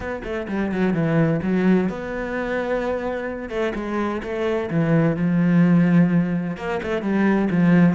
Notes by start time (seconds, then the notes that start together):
0.00 B3
0.23 A3
0.48 G3
0.71 F#3
0.93 E3
1.42 F#3
1.89 B3
3.49 A3
3.75 G#3
4.22 A3
4.70 E3
5.16 F3
6.56 A#3
6.82 A3
7.01 G3
7.50 F3